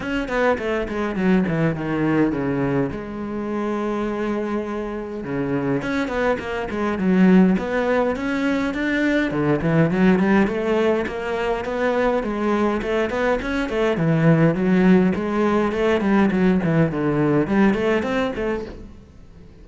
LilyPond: \new Staff \with { instrumentName = "cello" } { \time 4/4 \tempo 4 = 103 cis'8 b8 a8 gis8 fis8 e8 dis4 | cis4 gis2.~ | gis4 cis4 cis'8 b8 ais8 gis8 | fis4 b4 cis'4 d'4 |
d8 e8 fis8 g8 a4 ais4 | b4 gis4 a8 b8 cis'8 a8 | e4 fis4 gis4 a8 g8 | fis8 e8 d4 g8 a8 c'8 a8 | }